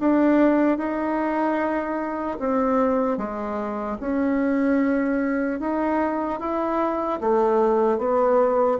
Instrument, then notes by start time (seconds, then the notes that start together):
bassoon
0.00 D4
0.78 D#4
2.40 C4
3.17 G#3
4.00 C#4
5.60 D#4
6.40 E4
7.21 A3
7.99 B3